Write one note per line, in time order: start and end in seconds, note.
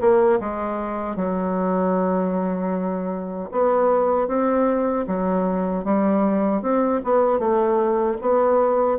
0.00 0.39 A#3
0.40 1.15 G#3
1.15 3.49 F#3
3.51 4.28 B3
4.28 5.05 C4
5.06 5.84 F#3
5.84 6.62 G3
6.62 7.01 C4
7.04 7.39 B3
7.39 8.17 A3
8.21 8.98 B3